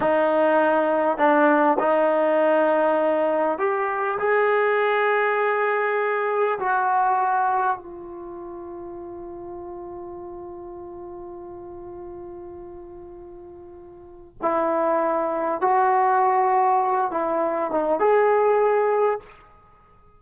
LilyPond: \new Staff \with { instrumentName = "trombone" } { \time 4/4 \tempo 4 = 100 dis'2 d'4 dis'4~ | dis'2 g'4 gis'4~ | gis'2. fis'4~ | fis'4 f'2.~ |
f'1~ | f'1 | e'2 fis'2~ | fis'8 e'4 dis'8 gis'2 | }